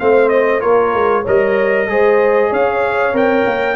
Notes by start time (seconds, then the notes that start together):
0.00 A3 C4 C5 F5
0.29 D#5
0.60 A#3 F4 A#4 C#5
0.94 G#3
1.22 G3 A#4 C#5 D#5
1.88 G#3 G#4 C5
2.50 C#4 C#5 F5
3.13 C4 A#4 G5
3.46 A#3